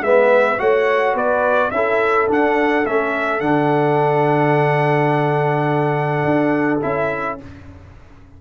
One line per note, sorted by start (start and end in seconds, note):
0.00 0.57 G#3
0.00 0.58 B3
0.00 0.60 B4
0.00 0.59 E5
0.58 1.14 A3
0.58 1.71 F#4
0.58 1.14 C#5
0.58 1.16 F#5
1.14 1.71 B3
1.14 1.71 B4
1.14 1.71 D5
1.71 2.28 C#4
1.71 2.28 E4
1.71 7.41 A4
1.71 2.27 E5
2.28 2.84 D4
2.28 2.86 D4
2.28 2.86 F#5
2.86 3.41 A3
2.86 3.41 C#4
2.86 3.40 E5
3.40 6.24 D3
3.40 6.80 D4
3.40 6.80 F#5
6.24 6.81 D4
6.81 7.41 C#4
6.81 7.38 E4
6.81 7.39 E5